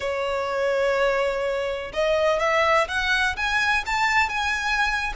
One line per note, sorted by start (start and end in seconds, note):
0.00 1.92 C#5
1.93 2.39 D#5
2.39 2.87 E5
2.88 3.36 F#5
3.36 3.84 G#5
3.85 4.29 A5
4.29 5.13 G#5